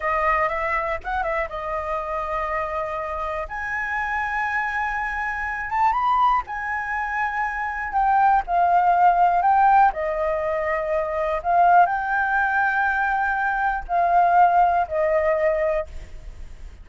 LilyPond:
\new Staff \with { instrumentName = "flute" } { \time 4/4 \tempo 4 = 121 dis''4 e''4 fis''8 e''8 dis''4~ | dis''2. gis''4~ | gis''2.~ gis''8 a''8 | b''4 gis''2. |
g''4 f''2 g''4 | dis''2. f''4 | g''1 | f''2 dis''2 | }